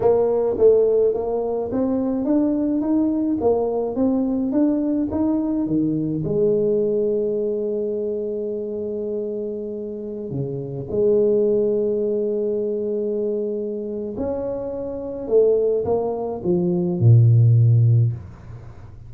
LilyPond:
\new Staff \with { instrumentName = "tuba" } { \time 4/4 \tempo 4 = 106 ais4 a4 ais4 c'4 | d'4 dis'4 ais4 c'4 | d'4 dis'4 dis4 gis4~ | gis1~ |
gis2~ gis16 cis4 gis8.~ | gis1~ | gis4 cis'2 a4 | ais4 f4 ais,2 | }